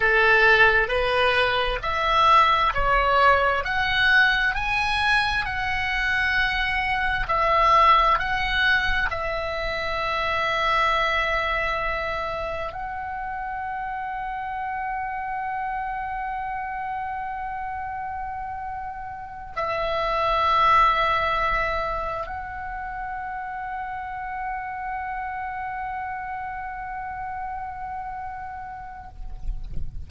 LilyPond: \new Staff \with { instrumentName = "oboe" } { \time 4/4 \tempo 4 = 66 a'4 b'4 e''4 cis''4 | fis''4 gis''4 fis''2 | e''4 fis''4 e''2~ | e''2 fis''2~ |
fis''1~ | fis''4. e''2~ e''8~ | e''8 fis''2.~ fis''8~ | fis''1 | }